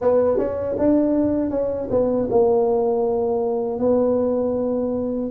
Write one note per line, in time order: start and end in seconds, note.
0.01 0.38 B3
0.38 0.76 C#4
0.78 1.50 D4
1.50 1.88 C#4
1.90 2.28 B3
2.30 3.79 A#3
3.79 5.31 B3